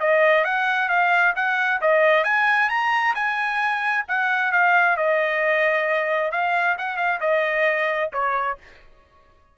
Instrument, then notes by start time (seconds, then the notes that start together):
trumpet
0.00 D#5
0.44 F#5
0.89 F5
1.36 F#5
1.81 D#5
2.24 G#5
2.69 A#5
3.15 G#5
4.08 F#5
4.52 F5
4.97 D#5
6.32 F5
6.78 F#5
6.97 F5
7.21 D#5
8.13 C#5